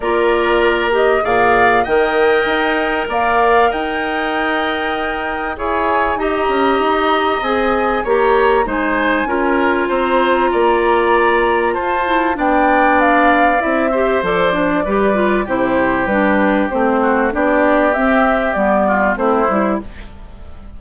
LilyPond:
<<
  \new Staff \with { instrumentName = "flute" } { \time 4/4 \tempo 4 = 97 d''4. dis''8 f''4 g''4~ | g''4 f''4 g''2~ | g''4 gis''4 ais''2 | gis''4 ais''4 gis''2 |
ais''2. a''4 | g''4 f''4 e''4 d''4~ | d''4 c''4 b'4 c''4 | d''4 e''4 d''4 c''4 | }
  \new Staff \with { instrumentName = "oboe" } { \time 4/4 ais'2 d''4 dis''4~ | dis''4 d''4 dis''2~ | dis''4 cis''4 dis''2~ | dis''4 cis''4 c''4 ais'4 |
c''4 d''2 c''4 | d''2~ d''8 c''4. | b'4 g'2~ g'8 fis'8 | g'2~ g'8 f'8 e'4 | }
  \new Staff \with { instrumentName = "clarinet" } { \time 4/4 f'4. g'8 gis'4 ais'4~ | ais'1~ | ais'4 gis'4 g'2 | gis'4 g'4 dis'4 f'4~ |
f'2.~ f'8 e'8 | d'2 e'8 g'8 a'8 d'8 | g'8 f'8 e'4 d'4 c'4 | d'4 c'4 b4 c'8 e'8 | }
  \new Staff \with { instrumentName = "bassoon" } { \time 4/4 ais2 ais,4 dis4 | dis'4 ais4 dis'2~ | dis'4 e'4 dis'8 cis'8 dis'4 | c'4 ais4 gis4 cis'4 |
c'4 ais2 f'4 | b2 c'4 f4 | g4 c4 g4 a4 | b4 c'4 g4 a8 g8 | }
>>